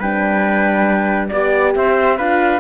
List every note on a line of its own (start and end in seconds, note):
0.00 1.30 G3
0.00 1.33 D4
0.00 1.30 B4
0.00 1.28 G5
1.28 1.76 B3
1.28 2.20 G4
1.28 1.72 D5
1.28 1.75 D5
1.76 2.19 C4
1.76 2.17 C5
1.76 2.18 E5
2.17 2.60 D4
2.17 2.60 F4
2.17 2.60 B4
2.17 2.60 F5